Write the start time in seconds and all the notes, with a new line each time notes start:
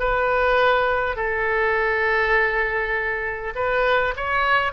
0.00 B4
1.16 A4
3.55 B4
4.17 C#5